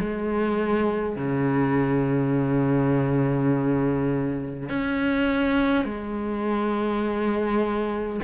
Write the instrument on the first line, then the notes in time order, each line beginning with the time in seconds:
cello
0.00 G#3
1.16 C#3
4.70 C#4
5.84 G#3